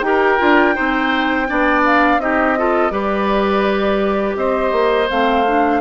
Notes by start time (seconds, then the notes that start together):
0.00 D#4 G4 G5
0.06 A#4
0.38 D4 F4
0.74 C4 D#4 C5
1.47 B3 D4 D5
1.85 F5
2.17 C4 D#4 G4 D#5
2.57 F4 A4
2.90 G3 G4 B4 D5
4.36 C4 C5 D#5
4.72 A#3
5.09 A3 C4 F5
5.46 D4